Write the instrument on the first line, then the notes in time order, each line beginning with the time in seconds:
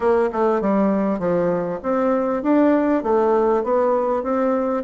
bassoon
0.00 A#3
0.32 A3
0.61 G3
1.19 F3
1.82 C4
2.42 D4
3.03 A3
3.63 B3
4.23 C4